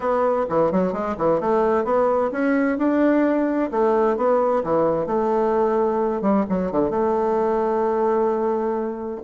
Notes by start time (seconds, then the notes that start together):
0.00 B3
0.49 E3
0.71 F#3
0.92 G#3
1.17 E3
1.40 A3
1.84 B3
2.31 C#4
2.78 D4
3.71 A3
4.16 B3
4.63 E3
5.06 A3
6.21 G3
6.49 F#3
6.71 D3
6.90 A3